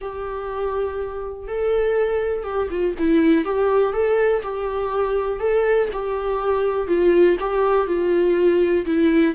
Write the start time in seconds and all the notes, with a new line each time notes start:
0.01 G4
1.47 A4
2.43 G4
2.70 F4
2.98 E4
3.44 G4
3.93 A4
4.42 G4
5.39 A4
5.92 G4
6.87 F4
7.39 G4
7.87 F4
8.85 E4